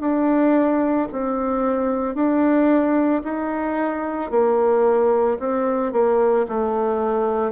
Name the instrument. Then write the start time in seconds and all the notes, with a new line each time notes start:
bassoon
0.00 D4
1.12 C4
2.14 D4
3.24 D#4
4.31 A#3
5.39 C4
5.92 A#3
6.48 A3